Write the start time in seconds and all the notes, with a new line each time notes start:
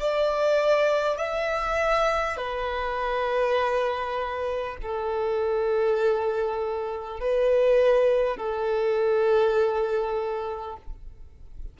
0.00 D5
1.18 E5
2.37 B4
4.82 A4
7.20 B4
8.37 A4